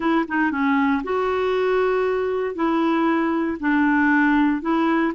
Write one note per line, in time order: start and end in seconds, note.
0.00 0.25 E4
0.28 0.51 D#4
0.51 1.02 C#4
1.03 2.55 F#4
2.55 3.57 E4
3.60 4.61 D4
4.61 5.12 E4